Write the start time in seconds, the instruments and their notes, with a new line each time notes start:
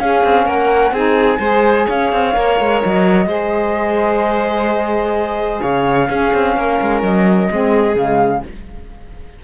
0.00 cello C#4, saxophone C#4, violin G#4, flute F5
0.24 cello C4
0.45 cello A#3, violin A#4, flute F#5
0.92 cello C4, saxophone D#4, violin G#4, flute G#5
1.40 cello G#3, saxophone G#4, violin C5
1.87 cello C#4, violin C#5, flute F5
2.12 cello C4
2.34 cello A#3, saxophone A#4
2.60 cello G#3
2.82 cello F#3, flute D#5
3.26 cello G#3, saxophone G#4, violin C5
5.61 cello C#3, violin C#5, flute F5
6.09 cello C#4, saxophone C#4, violin G#4
6.34 cello C4
6.57 cello A#3, violin A#4
6.82 cello G#3
7.03 cello F#3, flute D#5
7.51 cello G#3, saxophone C4, violin G#4
7.96 cello C#3, saxophone G#3, flute F5